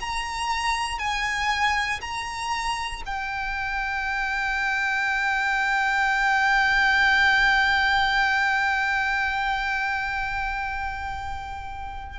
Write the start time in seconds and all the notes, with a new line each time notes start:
0.00 A#5
0.98 G#5
2.01 A#5
3.06 G5